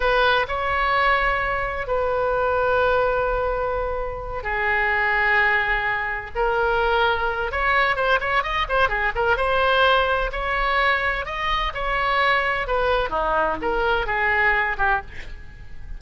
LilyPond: \new Staff \with { instrumentName = "oboe" } { \time 4/4 \tempo 4 = 128 b'4 cis''2. | b'1~ | b'4. gis'2~ gis'8~ | gis'4. ais'2~ ais'8 |
cis''4 c''8 cis''8 dis''8 c''8 gis'8 ais'8 | c''2 cis''2 | dis''4 cis''2 b'4 | dis'4 ais'4 gis'4. g'8 | }